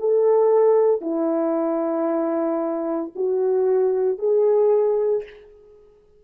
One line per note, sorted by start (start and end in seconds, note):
0.00 1.01 A4
1.01 3.12 E4
3.15 4.18 F#4
4.18 5.23 G#4